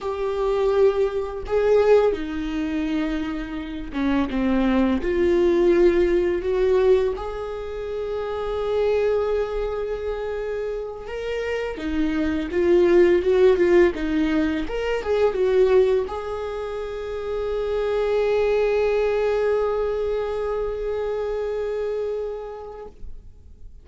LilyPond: \new Staff \with { instrumentName = "viola" } { \time 4/4 \tempo 4 = 84 g'2 gis'4 dis'4~ | dis'4. cis'8 c'4 f'4~ | f'4 fis'4 gis'2~ | gis'2.~ gis'8 ais'8~ |
ais'8 dis'4 f'4 fis'8 f'8 dis'8~ | dis'8 ais'8 gis'8 fis'4 gis'4.~ | gis'1~ | gis'1 | }